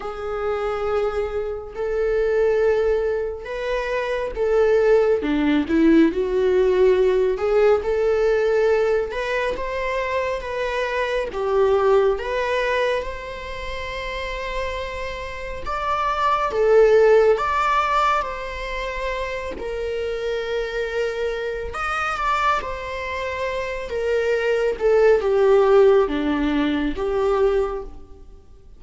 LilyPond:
\new Staff \with { instrumentName = "viola" } { \time 4/4 \tempo 4 = 69 gis'2 a'2 | b'4 a'4 d'8 e'8 fis'4~ | fis'8 gis'8 a'4. b'8 c''4 | b'4 g'4 b'4 c''4~ |
c''2 d''4 a'4 | d''4 c''4. ais'4.~ | ais'4 dis''8 d''8 c''4. ais'8~ | ais'8 a'8 g'4 d'4 g'4 | }